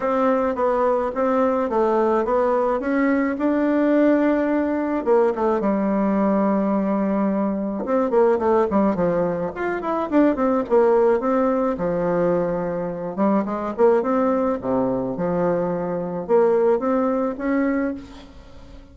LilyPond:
\new Staff \with { instrumentName = "bassoon" } { \time 4/4 \tempo 4 = 107 c'4 b4 c'4 a4 | b4 cis'4 d'2~ | d'4 ais8 a8 g2~ | g2 c'8 ais8 a8 g8 |
f4 f'8 e'8 d'8 c'8 ais4 | c'4 f2~ f8 g8 | gis8 ais8 c'4 c4 f4~ | f4 ais4 c'4 cis'4 | }